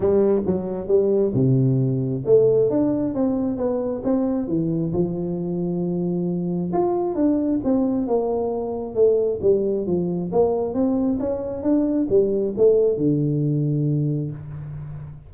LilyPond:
\new Staff \with { instrumentName = "tuba" } { \time 4/4 \tempo 4 = 134 g4 fis4 g4 c4~ | c4 a4 d'4 c'4 | b4 c'4 e4 f4~ | f2. f'4 |
d'4 c'4 ais2 | a4 g4 f4 ais4 | c'4 cis'4 d'4 g4 | a4 d2. | }